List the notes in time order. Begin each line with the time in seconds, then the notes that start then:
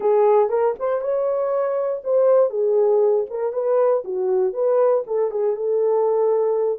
0.00 G#4
0.49 A#4
0.79 C5
1.01 C#5
2.04 C5
2.50 G#4
3.30 A#4
3.52 B4
4.04 F#4
4.53 B4
5.06 A4
5.31 G#4
5.56 A4